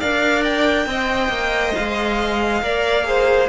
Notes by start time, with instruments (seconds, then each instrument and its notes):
0.00 cello D4, viola A#4, violin D5 F5
0.44 violin G5
0.86 cello C4, viola C5, violin D#5
1.29 cello A#3
1.75 cello G#3, violin F5
2.62 cello A#3, viola A#4, violin D5
3.04 viola G#4, violin C5